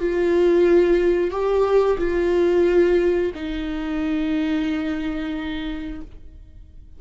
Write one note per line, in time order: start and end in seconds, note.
0.00 1.31 F4
1.31 1.97 G4
1.98 3.32 F4
3.35 6.01 D#4